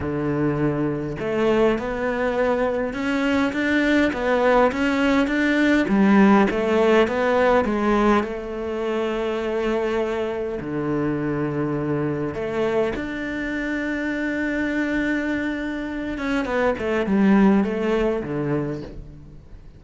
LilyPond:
\new Staff \with { instrumentName = "cello" } { \time 4/4 \tempo 4 = 102 d2 a4 b4~ | b4 cis'4 d'4 b4 | cis'4 d'4 g4 a4 | b4 gis4 a2~ |
a2 d2~ | d4 a4 d'2~ | d'2.~ d'8 cis'8 | b8 a8 g4 a4 d4 | }